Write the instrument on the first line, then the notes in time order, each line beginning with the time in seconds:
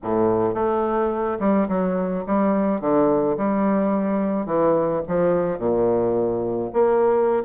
bassoon
0.03 A2
0.54 A3
1.39 G3
1.68 F#3
2.26 G3
2.80 D3
3.37 G3
4.46 E3
5.07 F3
5.58 A#2
6.73 A#3